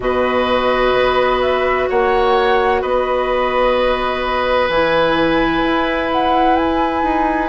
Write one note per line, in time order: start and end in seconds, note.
0.00 0.93 B2
0.00 4.69 F#4
0.00 1.89 B4
0.00 1.41 D#5
0.93 1.87 B3
1.41 1.88 E5
1.89 2.82 A#3
1.89 2.81 C#5
1.89 2.81 F#5
2.81 4.68 B3
2.81 7.48 B4
2.81 4.69 D#5
4.68 5.62 E3
4.68 7.48 E4
4.68 6.10 G#5
5.63 7.03 E4
6.12 6.56 F#5
6.56 7.48 G#5
7.03 7.48 D#4